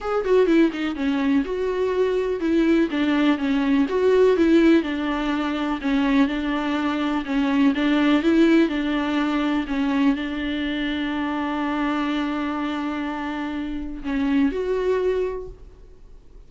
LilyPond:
\new Staff \with { instrumentName = "viola" } { \time 4/4 \tempo 4 = 124 gis'8 fis'8 e'8 dis'8 cis'4 fis'4~ | fis'4 e'4 d'4 cis'4 | fis'4 e'4 d'2 | cis'4 d'2 cis'4 |
d'4 e'4 d'2 | cis'4 d'2.~ | d'1~ | d'4 cis'4 fis'2 | }